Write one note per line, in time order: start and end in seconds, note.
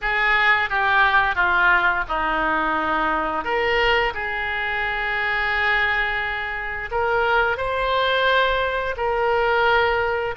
0.01 0.69 G#4
0.69 1.35 G4
1.35 2.04 F4
2.08 3.44 D#4
3.44 4.13 A#4
4.14 6.90 G#4
6.91 7.57 A#4
7.57 8.95 C5
8.97 10.34 A#4